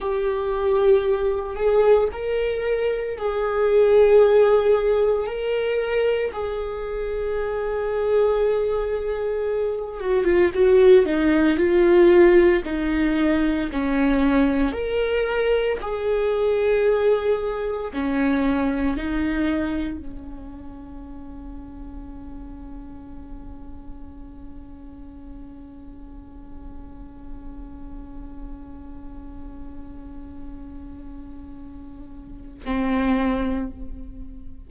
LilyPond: \new Staff \with { instrumentName = "viola" } { \time 4/4 \tempo 4 = 57 g'4. gis'8 ais'4 gis'4~ | gis'4 ais'4 gis'2~ | gis'4. fis'16 f'16 fis'8 dis'8 f'4 | dis'4 cis'4 ais'4 gis'4~ |
gis'4 cis'4 dis'4 cis'4~ | cis'1~ | cis'1~ | cis'2. c'4 | }